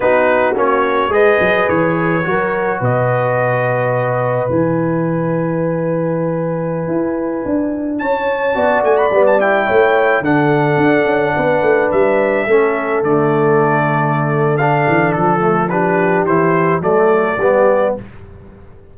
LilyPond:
<<
  \new Staff \with { instrumentName = "trumpet" } { \time 4/4 \tempo 4 = 107 b'4 cis''4 dis''4 cis''4~ | cis''4 dis''2. | gis''1~ | gis''2~ gis''16 a''4. gis''16 |
b''8 a''16 g''4. fis''4.~ fis''16~ | fis''4~ fis''16 e''2 d''8.~ | d''2 f''4 a'4 | b'4 c''4 d''2 | }
  \new Staff \with { instrumentName = "horn" } { \time 4/4 fis'2 b'2 | ais'4 b'2.~ | b'1~ | b'2~ b'16 cis''4 d''8.~ |
d''4~ d''16 cis''4 a'4.~ a'16~ | a'16 b'2 a'4.~ a'16~ | a'1 | g'2 a'4 g'4 | }
  \new Staff \with { instrumentName = "trombone" } { \time 4/4 dis'4 cis'4 gis'2 | fis'1 | e'1~ | e'2.~ e'16 fis'8.~ |
fis'16 b8 e'4. d'4.~ d'16~ | d'2~ d'16 cis'4 a8.~ | a2 d'4. a8 | d'4 e'4 a4 b4 | }
  \new Staff \with { instrumentName = "tuba" } { \time 4/4 b4 ais4 gis8 fis8 e4 | fis4 b,2. | e1~ | e16 e'4 d'4 cis'4 b8 a16~ |
a16 g4 a4 d4 d'8 cis'16~ | cis'16 b8 a8 g4 a4 d8.~ | d2~ d8 e8 f4~ | f4 e4 fis4 g4 | }
>>